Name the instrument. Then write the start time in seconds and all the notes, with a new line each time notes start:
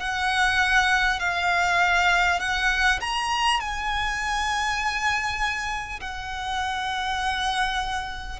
violin
0.00 F#5
1.19 F5
2.40 F#5
3.01 A#5
3.60 G#5
6.01 F#5